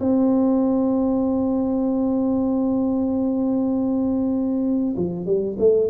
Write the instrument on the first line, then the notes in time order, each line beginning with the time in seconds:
tuba
0.00 C4
4.97 F3
5.26 G3
5.59 A3